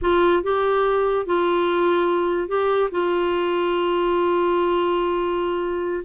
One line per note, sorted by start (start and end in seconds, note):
0.01 0.43 F4
0.43 1.26 G4
1.26 2.48 F4
2.48 2.90 G4
2.91 6.03 F4